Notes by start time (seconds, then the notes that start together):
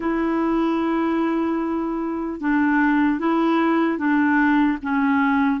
0.00 E4
2.40 D4
3.19 E4
3.98 D4
4.82 C#4